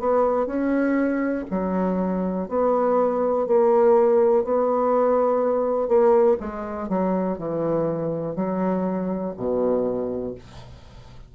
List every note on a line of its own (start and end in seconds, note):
0.00 0.46 B3
0.46 1.45 C#4
1.51 2.49 F#3
2.49 3.47 B3
3.47 4.44 A#3
4.44 5.88 B3
5.88 6.37 A#3
6.40 6.89 G#3
6.89 7.38 F#3
7.38 8.36 E3
8.36 9.34 F#3
9.37 10.35 B2